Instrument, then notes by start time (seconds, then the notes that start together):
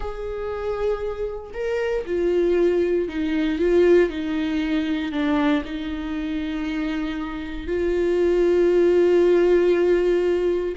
viola
0.00 G#4
1.53 A#4
2.05 F4
3.08 D#4
3.59 F4
4.09 D#4
5.11 D4
5.64 D#4
7.67 F4